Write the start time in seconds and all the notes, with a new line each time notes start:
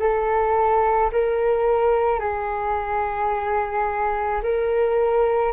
0.00 A4
1.12 A#4
2.20 G#4
4.43 A#4